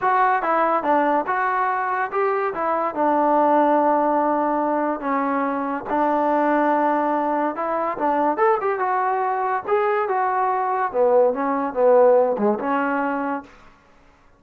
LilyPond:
\new Staff \with { instrumentName = "trombone" } { \time 4/4 \tempo 4 = 143 fis'4 e'4 d'4 fis'4~ | fis'4 g'4 e'4 d'4~ | d'1 | cis'2 d'2~ |
d'2 e'4 d'4 | a'8 g'8 fis'2 gis'4 | fis'2 b4 cis'4 | b4. gis8 cis'2 | }